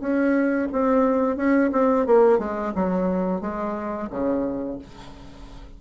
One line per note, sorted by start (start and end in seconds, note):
0.00 0.68 C#4
0.72 1.37 C4
1.37 1.71 C#4
1.72 2.06 C4
2.06 2.39 A#3
2.39 2.73 G#3
2.75 3.41 F#3
3.41 4.09 G#3
4.10 4.79 C#3